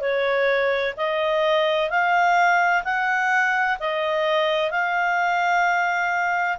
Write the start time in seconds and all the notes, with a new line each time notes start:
0.00 C#5
0.96 D#5
1.90 F5
2.84 F#5
3.79 D#5
4.70 F5